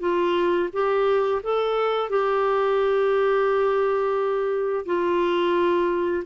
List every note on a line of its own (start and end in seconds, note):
0.00 0.69 F4
0.72 1.41 G4
1.43 2.09 A4
2.09 4.85 G4
4.86 6.24 F4